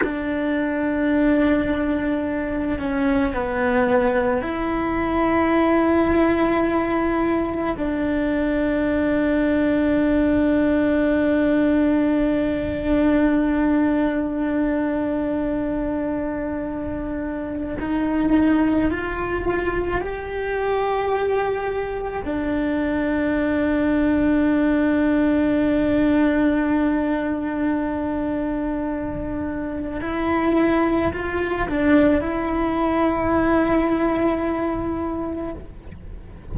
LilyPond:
\new Staff \with { instrumentName = "cello" } { \time 4/4 \tempo 4 = 54 d'2~ d'8 cis'8 b4 | e'2. d'4~ | d'1~ | d'1 |
dis'4 f'4 g'2 | d'1~ | d'2. e'4 | f'8 d'8 e'2. | }